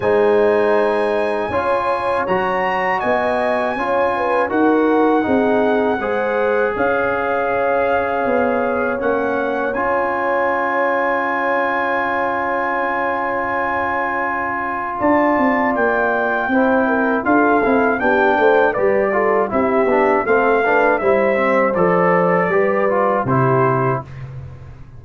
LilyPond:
<<
  \new Staff \with { instrumentName = "trumpet" } { \time 4/4 \tempo 4 = 80 gis''2. ais''4 | gis''2 fis''2~ | fis''4 f''2. | fis''4 gis''2.~ |
gis''1 | a''4 g''2 f''4 | g''4 d''4 e''4 f''4 | e''4 d''2 c''4 | }
  \new Staff \with { instrumentName = "horn" } { \time 4/4 c''2 cis''2 | dis''4 cis''8 b'8 ais'4 gis'4 | c''4 cis''2.~ | cis''1~ |
cis''1 | d''2 c''8 ais'8 a'4 | g'8 c''8 b'8 a'8 g'4 a'8 b'8 | c''2 b'4 g'4 | }
  \new Staff \with { instrumentName = "trombone" } { \time 4/4 dis'2 f'4 fis'4~ | fis'4 f'4 fis'4 dis'4 | gis'1 | cis'4 f'2.~ |
f'1~ | f'2 e'4 f'8 e'8 | d'4 g'8 f'8 e'8 d'8 c'8 d'8 | e'8 c'8 a'4 g'8 f'8 e'4 | }
  \new Staff \with { instrumentName = "tuba" } { \time 4/4 gis2 cis'4 fis4 | b4 cis'4 dis'4 c'4 | gis4 cis'2 b4 | ais4 cis'2.~ |
cis'1 | d'8 c'8 ais4 c'4 d'8 c'8 | b8 a8 g4 c'8 b8 a4 | g4 f4 g4 c4 | }
>>